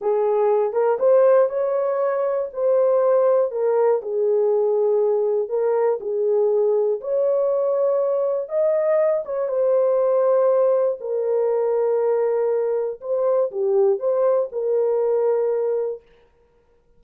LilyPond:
\new Staff \with { instrumentName = "horn" } { \time 4/4 \tempo 4 = 120 gis'4. ais'8 c''4 cis''4~ | cis''4 c''2 ais'4 | gis'2. ais'4 | gis'2 cis''2~ |
cis''4 dis''4. cis''8 c''4~ | c''2 ais'2~ | ais'2 c''4 g'4 | c''4 ais'2. | }